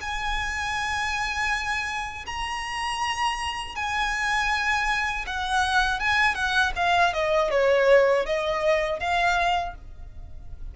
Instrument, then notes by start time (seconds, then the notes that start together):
violin
0.00 G#5
2.26 A#5
3.75 G#5
5.26 F#5
6.00 G#5
6.34 F#5
6.75 F5
7.13 D#5
7.50 C#5
8.25 D#5
8.99 F5